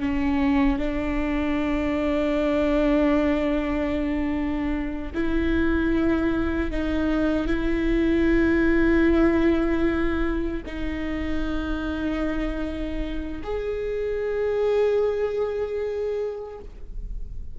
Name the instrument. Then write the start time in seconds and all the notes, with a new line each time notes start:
viola
0.00 C#4
0.79 D4
5.14 E4
6.71 D#4
7.47 E4
10.66 D#4
13.44 G#4